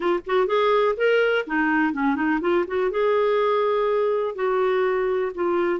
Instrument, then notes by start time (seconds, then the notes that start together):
clarinet
0.00 F4
0.26 F#4
0.46 G#4
0.97 A#4
1.46 D#4
1.93 C#4
2.15 D#4
2.40 F4
2.67 F#4
2.90 G#4
4.35 F#4
5.34 F4